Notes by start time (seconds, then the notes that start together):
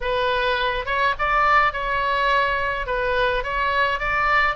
0.00 B4
0.85 C#5
1.18 D5
1.72 C#5
2.86 B4
3.43 C#5
3.99 D5